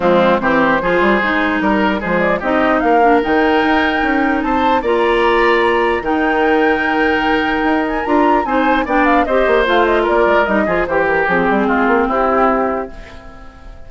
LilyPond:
<<
  \new Staff \with { instrumentName = "flute" } { \time 4/4 \tempo 4 = 149 f'4 c''2. | ais'4 c''8 d''8 dis''4 f''4 | g''2. a''4 | ais''2. g''4~ |
g''2.~ g''8 gis''8 | ais''4 gis''4 g''8 f''8 dis''4 | f''8 dis''8 d''4 dis''4 c''8 ais'8 | gis'2 g'2 | }
  \new Staff \with { instrumentName = "oboe" } { \time 4/4 c'4 g'4 gis'2 | ais'4 gis'4 g'4 ais'4~ | ais'2. c''4 | d''2. ais'4~ |
ais'1~ | ais'4 c''4 d''4 c''4~ | c''4 ais'4. gis'8 g'4~ | g'4 f'4 e'2 | }
  \new Staff \with { instrumentName = "clarinet" } { \time 4/4 gis4 c'4 f'4 dis'4~ | dis'4 gis4 dis'4. d'8 | dis'1 | f'2. dis'4~ |
dis'1 | f'4 dis'4 d'4 g'4 | f'2 dis'8 f'8 g'4 | c'1 | }
  \new Staff \with { instrumentName = "bassoon" } { \time 4/4 f4 e4 f8 g8 gis4 | g4 f4 c'4 ais4 | dis4 dis'4 cis'4 c'4 | ais2. dis4~ |
dis2. dis'4 | d'4 c'4 b4 c'8 ais8 | a4 ais8 gis8 g8 f8 e4 | f8 g8 gis8 ais8 c'2 | }
>>